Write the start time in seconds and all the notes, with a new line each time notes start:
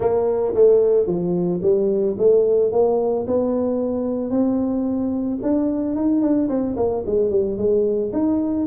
0.00 A#3
0.54 A3
1.06 F3
1.62 G3
2.18 A3
2.72 A#3
3.27 B3
4.30 C4
5.42 D4
5.95 D#4
6.21 D4
6.48 C4
6.76 A#3
7.06 G#3
7.30 G3
7.57 G#3
8.12 D#4